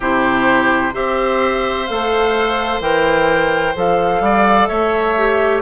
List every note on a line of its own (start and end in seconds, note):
0.00 0.92 C3
0.00 0.93 E4
0.00 0.93 G4
0.00 0.94 C5
0.93 1.88 C4
0.93 1.86 G4
0.93 4.21 C5
0.93 1.87 E5
1.87 2.79 A3
1.87 2.80 A4
1.87 2.80 F5
2.79 3.73 E3
2.79 3.74 A#4
2.79 3.75 G5
3.75 4.20 F3
3.75 5.16 A4
3.75 4.67 F5
4.20 4.67 G3
4.20 4.68 D5
4.67 5.61 A3
4.67 5.61 C#5
4.67 5.61 E5
5.17 5.61 G4